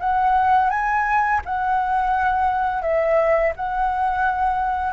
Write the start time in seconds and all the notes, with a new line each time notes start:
0.00 F#5
0.71 G#5
1.45 F#5
2.82 E5
3.56 F#5